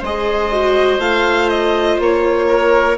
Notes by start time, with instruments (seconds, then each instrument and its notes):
0.00 bassoon G#3, viola G#4, oboe C5, violin D#5
0.52 viola F#4
0.99 bassoon A3, viola F4, violin F5
1.50 violin D#5
2.00 bassoon A#3, violin C#5
2.48 oboe A#4